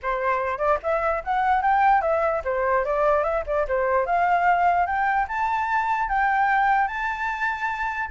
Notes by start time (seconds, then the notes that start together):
0.02 C5
0.58 D5
0.82 E5
1.23 F#5
1.62 G5
2.01 E5
2.44 C5
2.84 D5
3.23 E5
3.46 D5
3.68 C5
4.05 F5
4.86 G5
5.28 A5
6.08 G5
6.87 A5